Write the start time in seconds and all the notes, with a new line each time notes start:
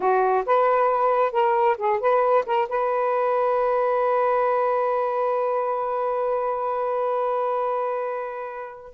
0.00 F#4
0.46 B4
1.31 A#4
1.77 G#4
2.00 B4
2.46 A#4
2.68 B4